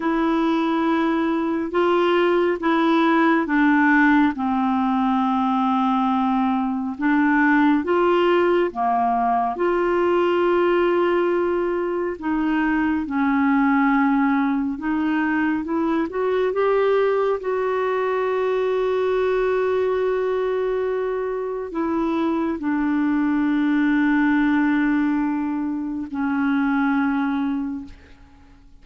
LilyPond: \new Staff \with { instrumentName = "clarinet" } { \time 4/4 \tempo 4 = 69 e'2 f'4 e'4 | d'4 c'2. | d'4 f'4 ais4 f'4~ | f'2 dis'4 cis'4~ |
cis'4 dis'4 e'8 fis'8 g'4 | fis'1~ | fis'4 e'4 d'2~ | d'2 cis'2 | }